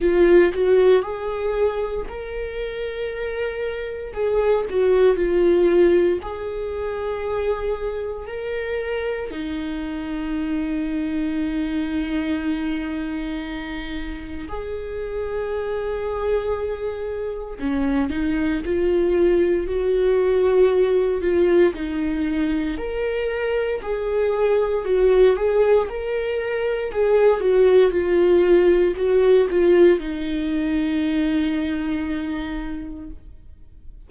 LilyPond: \new Staff \with { instrumentName = "viola" } { \time 4/4 \tempo 4 = 58 f'8 fis'8 gis'4 ais'2 | gis'8 fis'8 f'4 gis'2 | ais'4 dis'2.~ | dis'2 gis'2~ |
gis'4 cis'8 dis'8 f'4 fis'4~ | fis'8 f'8 dis'4 ais'4 gis'4 | fis'8 gis'8 ais'4 gis'8 fis'8 f'4 | fis'8 f'8 dis'2. | }